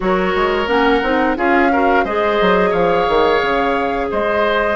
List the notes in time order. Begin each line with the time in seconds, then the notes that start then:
0.00 F#3 F#4 A#4 C#5
0.35 G#3
0.67 A#3 C#4 F#5
1.02 C4 D#4
1.36 C#4 F4 G#4 F5
1.71 F#4 A#4
2.04 G#3 G#4 C5 D#5
2.41 F#3
2.70 F3 C#5 F5
3.08 D#3
3.41 C#3
4.10 G#3 C5 D#5